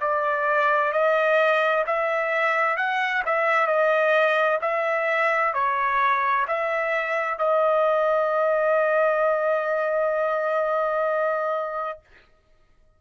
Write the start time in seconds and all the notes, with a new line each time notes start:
0.00 D5
0.92 D#5
1.86 E5
2.77 F#5
3.25 E5
3.67 D#5
4.61 E5
5.53 C#5
6.47 E5
7.38 D#5